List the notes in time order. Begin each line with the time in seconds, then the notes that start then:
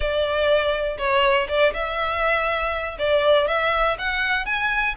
0.00 D5
0.98 C#5
1.48 D5
1.73 E5
2.98 D5
3.47 E5
3.98 F#5
4.45 G#5